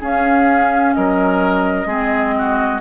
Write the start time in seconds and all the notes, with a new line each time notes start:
0.00 C#4 G#4 F5
0.94 F#3 A#4 D#5
1.86 G#3 C4 G#4
2.38 F#4